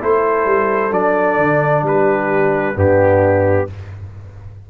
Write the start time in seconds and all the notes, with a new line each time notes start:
0.00 A3 E4 A4 C5
0.46 G3
0.92 F#3 D4 D5
1.38 D3
1.83 G3 G4 B4
2.75 G2 B3 D4 G4